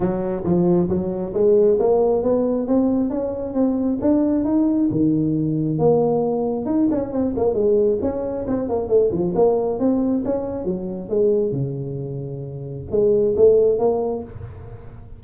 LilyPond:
\new Staff \with { instrumentName = "tuba" } { \time 4/4 \tempo 4 = 135 fis4 f4 fis4 gis4 | ais4 b4 c'4 cis'4 | c'4 d'4 dis'4 dis4~ | dis4 ais2 dis'8 cis'8 |
c'8 ais8 gis4 cis'4 c'8 ais8 | a8 f8 ais4 c'4 cis'4 | fis4 gis4 cis2~ | cis4 gis4 a4 ais4 | }